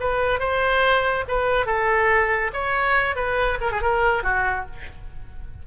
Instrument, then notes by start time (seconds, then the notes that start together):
oboe
0.00 B4
0.39 C5
1.28 B4
1.66 A4
2.53 C#5
3.16 B4
3.61 A#4
3.72 G#4
3.82 A#4
4.23 F#4